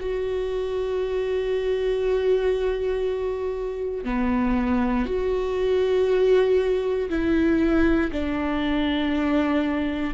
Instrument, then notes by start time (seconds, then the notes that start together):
viola
0.00 F#4
4.05 B3
5.06 F#4
7.10 E4
8.13 D4